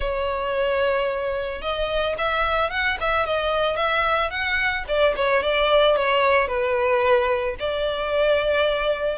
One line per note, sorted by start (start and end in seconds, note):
0.00 1.61 C#5
1.61 2.15 D#5
2.17 2.70 E5
2.70 2.97 F#5
3.00 3.26 E5
3.26 3.76 D#5
3.76 4.30 E5
4.30 4.84 F#5
4.87 5.14 D5
5.16 5.42 C#5
5.42 5.96 D5
5.96 6.47 C#5
6.47 7.55 B4
7.59 9.18 D5